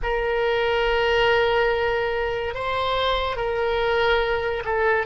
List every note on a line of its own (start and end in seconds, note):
0.02 2.54 A#4
2.54 3.36 C5
3.36 4.63 A#4
4.64 5.06 A4